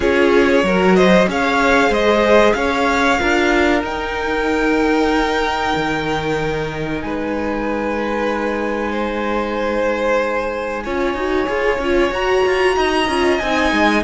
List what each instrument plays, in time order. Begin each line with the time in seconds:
0.00 cello C#4, viola F4, violin G#4 C#5
0.63 cello F#3, viola F#4, violin A#4
0.95 violin C5 D#5
1.27 cello C#4, viola G#4, violin C#5 F5
1.89 cello G#3, violin C5 D#5
2.53 cello C#4, violin C#5 F5
3.18 cello D4, viola F4, violin A#4
3.82 cello D#4, viola D#4, violin G5
5.75 cello D#3
7.01 cello G#3, violin B4 G#5
8.91 violin C5
10.84 cello C#4, viola F4, violin C#5
11.14 cello D#4, viola F#4
11.46 cello F4, viola G#4
11.78 cello C#4, viola F4
12.10 cello F#4, viola F#4, violin A#5
12.46 cello F4
12.76 cello D#4, violin D#5
13.08 cello C#4, viola F4
13.39 cello C4, viola D#4, violin G#5
13.72 cello G#3